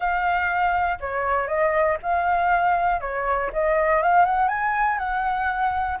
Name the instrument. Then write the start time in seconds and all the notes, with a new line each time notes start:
flute
0.00 F5
1.00 C#5
1.47 D#5
2.02 F5
3.00 C#5
3.52 D#5
4.02 F5
4.25 F#5
4.48 G#5
4.98 F#5